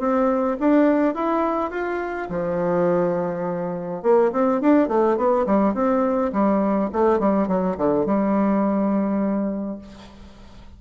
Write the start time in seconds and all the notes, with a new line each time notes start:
0.00 C4
0.60 D4
1.15 E4
1.71 F4
2.30 F3
4.03 A#3
4.32 C4
4.62 D4
4.89 A3
5.17 B3
5.47 G3
5.75 C4
6.33 G3
6.93 A3
7.20 G3
7.48 F#3
7.78 D3
8.06 G3